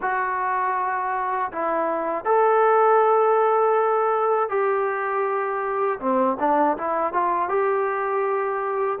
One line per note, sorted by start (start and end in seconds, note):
0.01 1.51 F#4
1.52 2.24 E4
2.24 4.49 A4
4.49 5.99 G4
5.99 6.37 C4
6.39 6.77 D4
6.77 7.13 E4
7.13 7.48 F4
7.48 8.98 G4